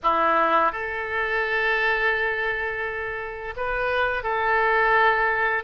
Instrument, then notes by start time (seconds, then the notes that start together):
oboe
0.02 E4
0.72 A4
3.56 B4
4.23 A4